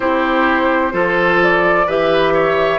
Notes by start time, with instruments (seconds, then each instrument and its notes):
0.00 bassoon C4, clarinet E4, oboe G4, flute C5
0.91 bassoon F3, clarinet F4, oboe A4
1.43 flute D5
1.86 bassoon E3, clarinet G4, oboe B4, flute E5
2.33 oboe C#5